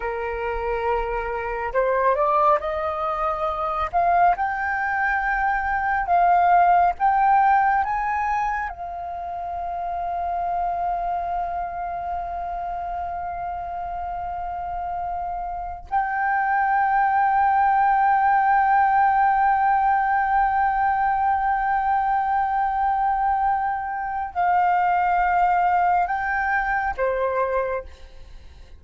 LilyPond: \new Staff \with { instrumentName = "flute" } { \time 4/4 \tempo 4 = 69 ais'2 c''8 d''8 dis''4~ | dis''8 f''8 g''2 f''4 | g''4 gis''4 f''2~ | f''1~ |
f''2~ f''16 g''4.~ g''16~ | g''1~ | g''1 | f''2 g''4 c''4 | }